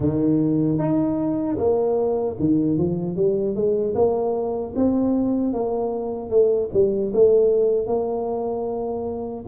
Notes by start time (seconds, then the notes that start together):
0.00 D#3
0.78 D#4
1.57 A#3
2.39 D#3
2.78 F3
3.15 G3
3.55 G#3
3.94 A#3
4.75 C4
5.53 A#3
6.30 A3
6.73 G3
7.13 A3
7.86 A#3